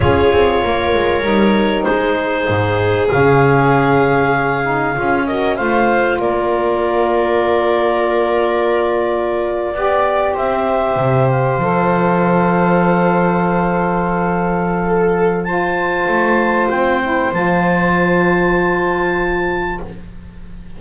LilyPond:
<<
  \new Staff \with { instrumentName = "clarinet" } { \time 4/4 \tempo 4 = 97 cis''2. c''4~ | c''4 f''2.~ | f''8 dis''8 f''4 d''2~ | d''1~ |
d''8. e''4. f''4.~ f''16~ | f''1~ | f''4 a''2 g''4 | a''1 | }
  \new Staff \with { instrumentName = "viola" } { \time 4/4 gis'4 ais'2 gis'4~ | gis'1~ | gis'8 ais'8 c''4 ais'2~ | ais'2.~ ais'8. d''16~ |
d''8. c''2.~ c''16~ | c''1 | a'4 c''2.~ | c''1 | }
  \new Staff \with { instrumentName = "saxophone" } { \time 4/4 f'2 dis'2~ | dis'4 cis'2~ cis'8 dis'8 | f'8 fis'8 f'2.~ | f'2.~ f'8. g'16~ |
g'2~ g'8. a'4~ a'16~ | a'1~ | a'4 f'2~ f'8 e'8 | f'1 | }
  \new Staff \with { instrumentName = "double bass" } { \time 4/4 cis'8 c'8 ais8 gis8 g4 gis4 | gis,4 cis2. | cis'4 a4 ais2~ | ais2.~ ais8. b16~ |
b8. c'4 c4 f4~ f16~ | f1~ | f2 a4 c'4 | f1 | }
>>